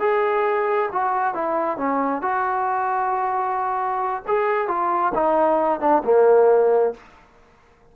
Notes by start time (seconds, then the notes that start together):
0.00 G#4
0.92 F#4
1.34 E4
1.78 C#4
2.22 F#4
4.28 G#4
4.68 F4
5.15 D#4
5.80 D4
6.04 A#3